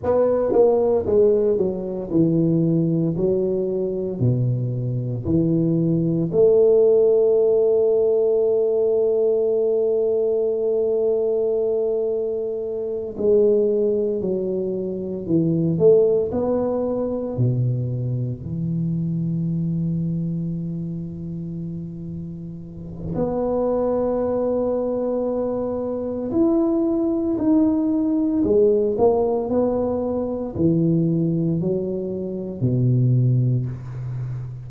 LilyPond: \new Staff \with { instrumentName = "tuba" } { \time 4/4 \tempo 4 = 57 b8 ais8 gis8 fis8 e4 fis4 | b,4 e4 a2~ | a1~ | a8 gis4 fis4 e8 a8 b8~ |
b8 b,4 e2~ e8~ | e2 b2~ | b4 e'4 dis'4 gis8 ais8 | b4 e4 fis4 b,4 | }